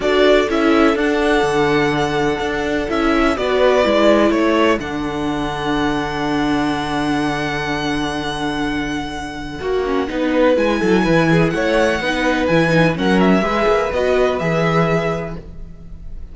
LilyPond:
<<
  \new Staff \with { instrumentName = "violin" } { \time 4/4 \tempo 4 = 125 d''4 e''4 fis''2~ | fis''2 e''4 d''4~ | d''4 cis''4 fis''2~ | fis''1~ |
fis''1~ | fis''2 gis''2 | fis''2 gis''4 fis''8 e''8~ | e''4 dis''4 e''2 | }
  \new Staff \with { instrumentName = "violin" } { \time 4/4 a'1~ | a'2. b'4~ | b'4 a'2.~ | a'1~ |
a'1 | fis'4 b'4. a'8 b'8 gis'8 | cis''4 b'2 ais'4 | b'1 | }
  \new Staff \with { instrumentName = "viola" } { \time 4/4 fis'4 e'4 d'2~ | d'2 e'4 fis'4 | e'2 d'2~ | d'1~ |
d'1 | fis'8 cis'8 dis'4 e'2~ | e'4 dis'4 e'8 dis'8 cis'4 | gis'4 fis'4 gis'2 | }
  \new Staff \with { instrumentName = "cello" } { \time 4/4 d'4 cis'4 d'4 d4~ | d4 d'4 cis'4 b4 | gis4 a4 d2~ | d1~ |
d1 | ais4 b4 gis8 fis8 e4 | a4 b4 e4 fis4 | gis8 ais8 b4 e2 | }
>>